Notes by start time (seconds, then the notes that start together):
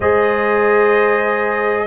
0.00 G#3 G#4 C5 D#5